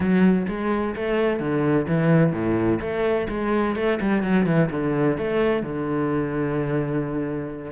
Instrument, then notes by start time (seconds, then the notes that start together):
cello
0.00 F#3
0.48 G#3
0.95 A3
1.39 D3
1.87 E3
2.32 A2
2.80 A3
3.28 G#3
3.75 A3
4.01 G3
4.22 F#3
4.46 E3
4.70 D3
5.17 A3
5.62 D3